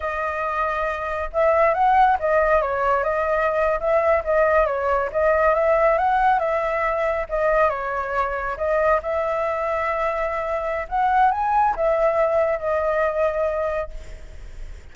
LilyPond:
\new Staff \with { instrumentName = "flute" } { \time 4/4 \tempo 4 = 138 dis''2. e''4 | fis''4 dis''4 cis''4 dis''4~ | dis''8. e''4 dis''4 cis''4 dis''16~ | dis''8. e''4 fis''4 e''4~ e''16~ |
e''8. dis''4 cis''2 dis''16~ | dis''8. e''2.~ e''16~ | e''4 fis''4 gis''4 e''4~ | e''4 dis''2. | }